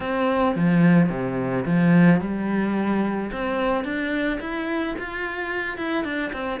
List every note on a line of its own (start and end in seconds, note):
0.00 0.55 C4
0.55 1.09 F3
1.09 1.64 C3
1.65 2.20 F3
2.20 3.31 G3
3.32 3.84 C4
3.84 4.39 D4
4.40 4.95 E4
4.98 5.77 F4
5.77 6.04 E4
6.04 6.31 D4
6.32 6.60 C4